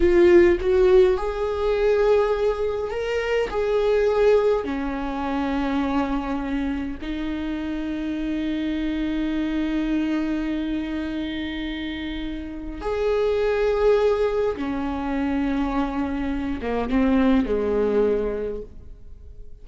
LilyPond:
\new Staff \with { instrumentName = "viola" } { \time 4/4 \tempo 4 = 103 f'4 fis'4 gis'2~ | gis'4 ais'4 gis'2 | cis'1 | dis'1~ |
dis'1~ | dis'2 gis'2~ | gis'4 cis'2.~ | cis'8 ais8 c'4 gis2 | }